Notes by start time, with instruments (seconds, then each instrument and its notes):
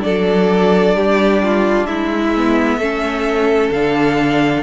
0.00 cello F#3, viola D4, violin A4 D5
0.95 cello G3, violin G4
1.43 violin F4
1.86 cello G#3, violin E4 E5
2.36 viola B3
2.77 cello A3, viola C#4, violin A4
3.71 cello D3, viola D4, violin F5